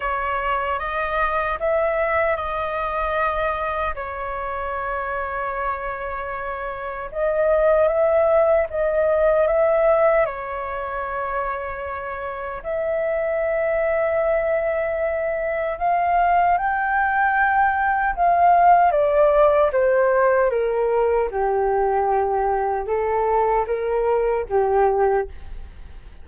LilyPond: \new Staff \with { instrumentName = "flute" } { \time 4/4 \tempo 4 = 76 cis''4 dis''4 e''4 dis''4~ | dis''4 cis''2.~ | cis''4 dis''4 e''4 dis''4 | e''4 cis''2. |
e''1 | f''4 g''2 f''4 | d''4 c''4 ais'4 g'4~ | g'4 a'4 ais'4 g'4 | }